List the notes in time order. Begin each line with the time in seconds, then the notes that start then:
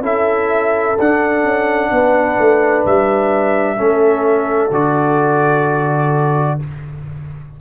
0.00 C#4 E4 A4 E5
0.99 D4 F#5
1.43 C#4
1.91 B3 B4
2.38 A3
2.85 G3 E5
3.77 A3 C#4 A4
4.70 D3 F#4 D5